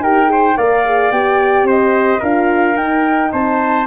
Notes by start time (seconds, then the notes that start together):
0.00 D#4 G4 A#4 G5
0.26 G#4
0.32 C5
0.57 A#3 A#4 D5 F5
0.85 G#4
1.11 B3 G4 G5
1.63 C4 C5 D#5
2.20 D4 F4 A#4 F5
2.76 D#4 G5
3.32 C4 C5 A5